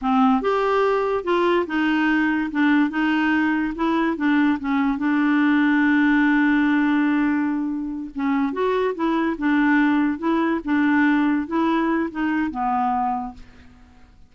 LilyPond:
\new Staff \with { instrumentName = "clarinet" } { \time 4/4 \tempo 4 = 144 c'4 g'2 f'4 | dis'2 d'4 dis'4~ | dis'4 e'4 d'4 cis'4 | d'1~ |
d'2.~ d'8 cis'8~ | cis'8 fis'4 e'4 d'4.~ | d'8 e'4 d'2 e'8~ | e'4 dis'4 b2 | }